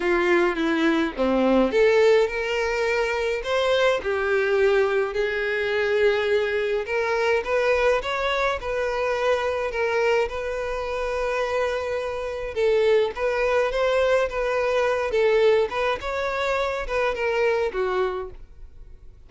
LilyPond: \new Staff \with { instrumentName = "violin" } { \time 4/4 \tempo 4 = 105 f'4 e'4 c'4 a'4 | ais'2 c''4 g'4~ | g'4 gis'2. | ais'4 b'4 cis''4 b'4~ |
b'4 ais'4 b'2~ | b'2 a'4 b'4 | c''4 b'4. a'4 b'8 | cis''4. b'8 ais'4 fis'4 | }